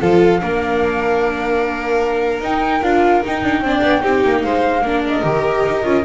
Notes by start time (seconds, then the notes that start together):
0.00 F3 F4 A4 F5
0.40 A#3 D4 A#4
2.40 D#4 G5
2.83 D4 F4 F5
3.24 D#4 G5
3.43 D4
3.60 C4 D4
3.68 D5
3.82 B3
4.01 C4 D#4 G4
4.24 A#3
4.42 G#3 C5 F5
4.81 A#3 D4 A#4
5.07 D#5
5.23 D#3 G4
5.65 D#4
5.83 C#4 F4